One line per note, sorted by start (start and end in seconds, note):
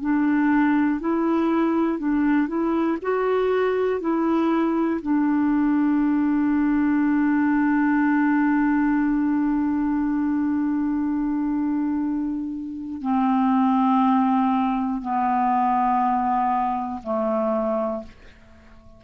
0.00 1.00 D4
1.00 1.98 E4
1.98 2.47 D4
2.47 2.97 E4
3.01 4.00 F#4
4.00 5.00 E4
5.01 13.01 D4
13.01 15.01 C4
15.01 17.01 B3
17.03 18.03 A3